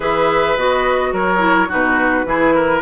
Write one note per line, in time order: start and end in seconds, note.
0.00 0.56 E3
0.00 0.57 G#4
0.00 1.10 B4
0.00 0.57 E5
0.56 1.12 B3
0.56 1.38 F#4
0.56 1.13 D#5
1.12 1.69 F#3
1.12 1.68 A#4
1.12 1.71 C#5
1.38 1.66 E4
1.68 2.25 B2
1.68 2.25 D#4
1.68 2.25 F#4
1.68 2.82 B4
2.25 2.81 E3
2.25 2.82 E4
2.25 2.55 G#4
2.55 2.82 A#4